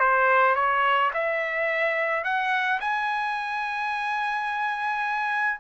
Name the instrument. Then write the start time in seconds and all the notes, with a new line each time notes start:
trumpet
0.00 C5
0.56 C#5
1.14 E5
2.25 F#5
2.81 G#5